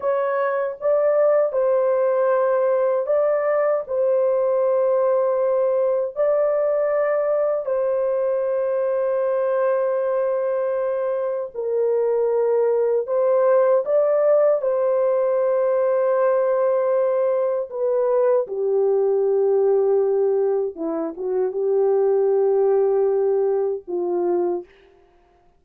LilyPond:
\new Staff \with { instrumentName = "horn" } { \time 4/4 \tempo 4 = 78 cis''4 d''4 c''2 | d''4 c''2. | d''2 c''2~ | c''2. ais'4~ |
ais'4 c''4 d''4 c''4~ | c''2. b'4 | g'2. e'8 fis'8 | g'2. f'4 | }